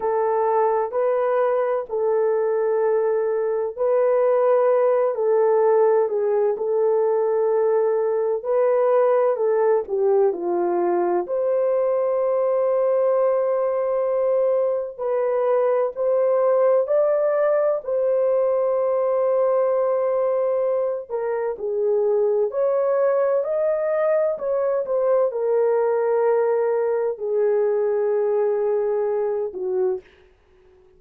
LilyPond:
\new Staff \with { instrumentName = "horn" } { \time 4/4 \tempo 4 = 64 a'4 b'4 a'2 | b'4. a'4 gis'8 a'4~ | a'4 b'4 a'8 g'8 f'4 | c''1 |
b'4 c''4 d''4 c''4~ | c''2~ c''8 ais'8 gis'4 | cis''4 dis''4 cis''8 c''8 ais'4~ | ais'4 gis'2~ gis'8 fis'8 | }